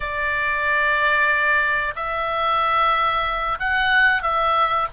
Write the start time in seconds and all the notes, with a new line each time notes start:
0.00 D5
1.95 E5
3.59 F#5
4.22 E5